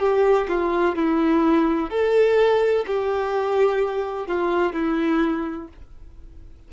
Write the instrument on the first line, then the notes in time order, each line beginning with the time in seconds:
violin
0.00 G4
0.49 F4
0.96 E4
1.90 A4
2.87 G4
4.27 F4
4.73 E4